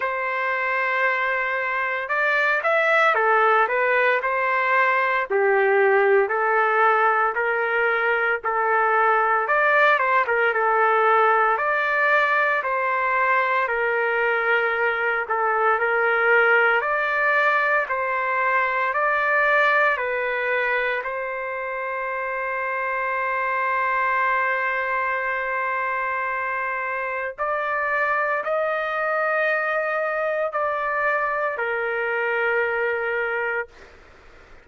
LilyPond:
\new Staff \with { instrumentName = "trumpet" } { \time 4/4 \tempo 4 = 57 c''2 d''8 e''8 a'8 b'8 | c''4 g'4 a'4 ais'4 | a'4 d''8 c''16 ais'16 a'4 d''4 | c''4 ais'4. a'8 ais'4 |
d''4 c''4 d''4 b'4 | c''1~ | c''2 d''4 dis''4~ | dis''4 d''4 ais'2 | }